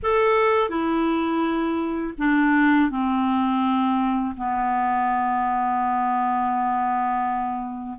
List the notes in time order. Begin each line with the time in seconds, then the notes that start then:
0.03 A4
0.69 E4
2.18 D4
2.90 C4
4.36 B3